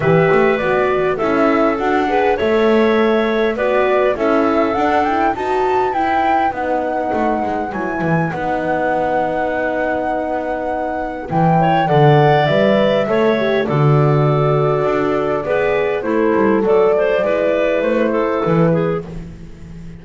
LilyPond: <<
  \new Staff \with { instrumentName = "flute" } { \time 4/4 \tempo 4 = 101 e''4 d''4 e''4 fis''4 | e''2 d''4 e''4 | fis''8 g''8 a''4 g''4 fis''4~ | fis''4 gis''4 fis''2~ |
fis''2. g''4 | fis''4 e''2 d''4~ | d''2. c''4 | d''2 c''4 b'4 | }
  \new Staff \with { instrumentName = "clarinet" } { \time 4/4 b'2 a'4. b'8 | cis''2 b'4 a'4~ | a'4 b'2.~ | b'1~ |
b'2.~ b'8 cis''8 | d''2 cis''4 a'4~ | a'2 b'4 e'4 | a'8 c''8 b'4. a'4 gis'8 | }
  \new Staff \with { instrumentName = "horn" } { \time 4/4 g'4 fis'4 e'4 fis'8 gis'8 | a'2 fis'4 e'4 | d'8 e'8 fis'4 e'4 dis'4~ | dis'4 e'4 dis'2~ |
dis'2. e'4 | a'4 b'4 a'8 g'8 fis'4~ | fis'2 gis'4 a'4~ | a'4 e'2. | }
  \new Staff \with { instrumentName = "double bass" } { \time 4/4 e8 a8 b4 cis'4 d'4 | a2 b4 cis'4 | d'4 dis'4 e'4 b4 | a8 gis8 fis8 e8 b2~ |
b2. e4 | d4 g4 a4 d4~ | d4 d'4 b4 a8 g8 | fis4 gis4 a4 e4 | }
>>